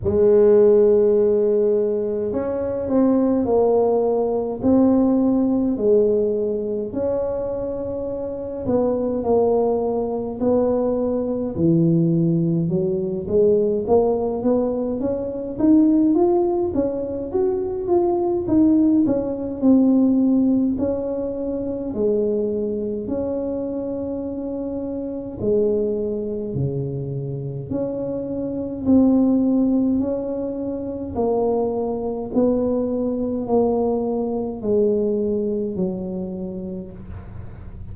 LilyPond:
\new Staff \with { instrumentName = "tuba" } { \time 4/4 \tempo 4 = 52 gis2 cis'8 c'8 ais4 | c'4 gis4 cis'4. b8 | ais4 b4 e4 fis8 gis8 | ais8 b8 cis'8 dis'8 f'8 cis'8 fis'8 f'8 |
dis'8 cis'8 c'4 cis'4 gis4 | cis'2 gis4 cis4 | cis'4 c'4 cis'4 ais4 | b4 ais4 gis4 fis4 | }